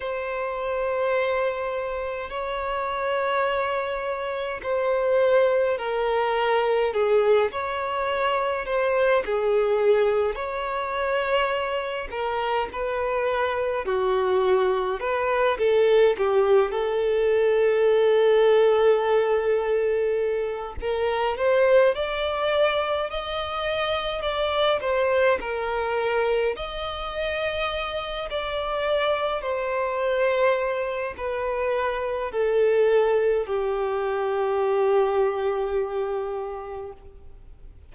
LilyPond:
\new Staff \with { instrumentName = "violin" } { \time 4/4 \tempo 4 = 52 c''2 cis''2 | c''4 ais'4 gis'8 cis''4 c''8 | gis'4 cis''4. ais'8 b'4 | fis'4 b'8 a'8 g'8 a'4.~ |
a'2 ais'8 c''8 d''4 | dis''4 d''8 c''8 ais'4 dis''4~ | dis''8 d''4 c''4. b'4 | a'4 g'2. | }